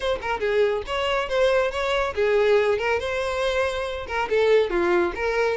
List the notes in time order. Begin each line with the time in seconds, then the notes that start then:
0.00 C5
0.21 A#4
0.40 G#4
0.86 C#5
1.29 C5
1.71 C#5
2.14 G#4
2.78 A#4
2.99 C5
4.07 A#4
4.29 A4
4.70 F4
5.15 A#4